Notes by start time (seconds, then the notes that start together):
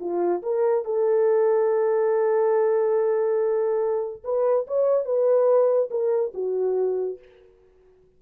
0.00 F4
0.43 A#4
0.85 A4
4.24 B4
4.67 C#5
5.05 B4
5.90 A#4
6.34 F#4